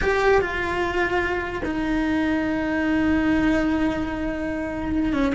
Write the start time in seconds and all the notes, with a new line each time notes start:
0.01 G4
0.41 F4
1.64 D#4
5.13 C#4